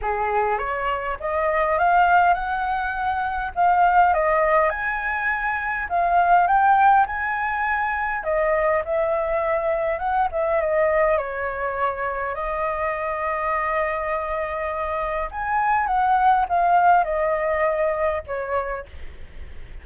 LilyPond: \new Staff \with { instrumentName = "flute" } { \time 4/4 \tempo 4 = 102 gis'4 cis''4 dis''4 f''4 | fis''2 f''4 dis''4 | gis''2 f''4 g''4 | gis''2 dis''4 e''4~ |
e''4 fis''8 e''8 dis''4 cis''4~ | cis''4 dis''2.~ | dis''2 gis''4 fis''4 | f''4 dis''2 cis''4 | }